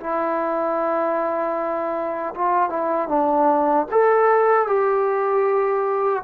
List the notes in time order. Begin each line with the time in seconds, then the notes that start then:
0.00 E4
2.34 F4
2.69 E4
3.08 D4
3.91 A4
4.66 G4